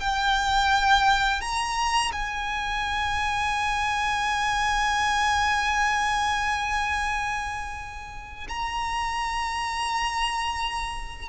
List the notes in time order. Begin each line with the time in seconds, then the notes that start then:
0.00 G5
1.41 A#5
2.11 G#5
8.48 A#5